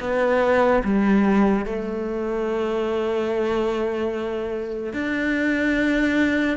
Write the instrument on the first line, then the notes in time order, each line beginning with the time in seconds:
cello
0.00 B3
0.84 G3
1.66 A3
4.93 D4